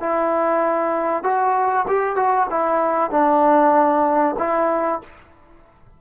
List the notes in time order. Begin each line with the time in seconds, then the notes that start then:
0.00 E4
1.23 F#4
1.88 G4
2.16 F#4
2.50 E4
3.11 D4
4.38 E4